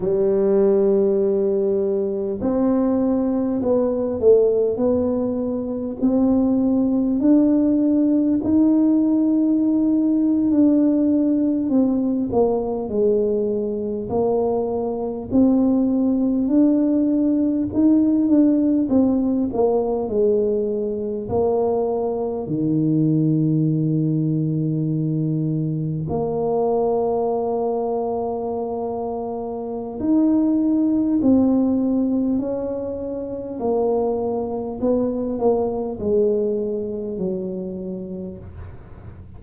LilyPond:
\new Staff \with { instrumentName = "tuba" } { \time 4/4 \tempo 4 = 50 g2 c'4 b8 a8 | b4 c'4 d'4 dis'4~ | dis'8. d'4 c'8 ais8 gis4 ais16~ | ais8. c'4 d'4 dis'8 d'8 c'16~ |
c'16 ais8 gis4 ais4 dis4~ dis16~ | dis4.~ dis16 ais2~ ais16~ | ais4 dis'4 c'4 cis'4 | ais4 b8 ais8 gis4 fis4 | }